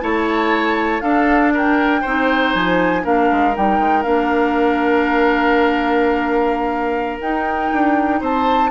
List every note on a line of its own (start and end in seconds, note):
0.00 1.01 A3
0.00 1.01 E4
0.00 1.03 C#5
0.00 1.01 A5
1.01 2.02 D4
1.01 2.06 D4
1.01 1.53 A4
1.01 1.51 F5
1.53 2.01 A#4
1.53 2.53 G5
2.01 2.54 C4
2.01 3.03 D#4
2.01 3.02 C5
2.53 3.04 F3
2.53 3.04 G#5
3.03 3.30 A#3
3.03 3.53 D4
3.03 8.20 A#4
3.03 3.55 F5
3.31 3.56 G#3
3.54 3.79 G3
3.54 4.03 D#4
3.54 4.03 G5
3.79 4.04 G#3
4.03 7.20 A#3
4.03 7.18 D4
4.03 7.18 F5
7.20 7.71 D#4
7.20 8.71 D#4
7.20 8.21 G5
7.72 8.21 D4
8.20 8.71 C4
8.20 8.71 C5
8.20 8.71 A5